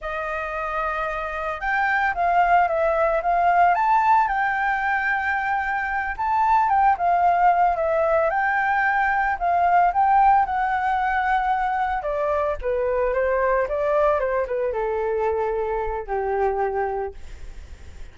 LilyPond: \new Staff \with { instrumentName = "flute" } { \time 4/4 \tempo 4 = 112 dis''2. g''4 | f''4 e''4 f''4 a''4 | g''2.~ g''8 a''8~ | a''8 g''8 f''4. e''4 g''8~ |
g''4. f''4 g''4 fis''8~ | fis''2~ fis''8 d''4 b'8~ | b'8 c''4 d''4 c''8 b'8 a'8~ | a'2 g'2 | }